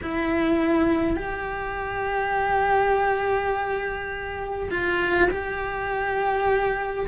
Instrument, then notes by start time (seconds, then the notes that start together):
cello
0.02 E4
1.16 G4
4.70 F4
5.30 G4